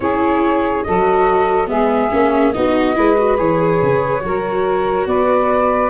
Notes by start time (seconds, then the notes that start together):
0.00 C#4 E4 G#4 C#5
0.83 F#3 F#4 A4 D#5
1.66 G#3 B3 G#4 E5
2.10 A#3 C#4
2.52 B3 D#4 F#4 D#5
2.95 G#3 E4 B4
3.17 F#4
3.37 E3 G#4 C#5
3.82 C#3
4.20 F#3 F#4 A#4
5.06 B3 B4 D5